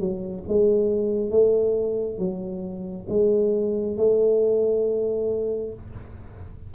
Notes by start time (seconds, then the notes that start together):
0.00 F#3
0.48 G#3
1.31 A3
2.19 F#3
3.09 G#3
3.98 A3